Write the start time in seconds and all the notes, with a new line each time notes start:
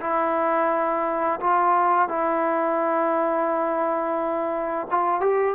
0.00 E4
1.40 F4
2.08 E4
4.91 F4
5.20 G4